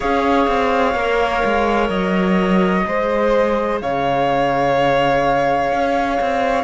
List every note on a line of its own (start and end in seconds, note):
0.00 0.47 C#4
0.00 0.94 G#4
0.00 2.86 C#5
0.00 1.88 F5
0.47 0.94 C4
0.94 1.42 A#3
0.94 2.84 A#4
1.44 1.89 G#3
1.88 2.84 F#3
1.88 3.79 D#5
2.84 3.81 G#3
2.84 6.63 G#4
2.84 3.82 C5
3.81 5.72 C#3
3.81 6.63 C#5
3.81 6.63 F5
5.72 6.19 C#4
6.20 6.63 C4